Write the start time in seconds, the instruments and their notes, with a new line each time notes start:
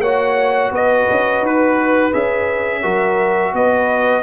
0.00 tuba A#3, trombone F#4, horn C#5, trumpet F#5
0.71 tuba B3, horn B4, trumpet D#5
1.10 tuba C#4
1.41 tuba D#4, trumpet B4
2.13 tuba C#4, trombone G#4, trumpet E5
2.82 tuba F#3, trombone F#4, horn A#4
3.54 tuba B3, horn B4, trumpet D#5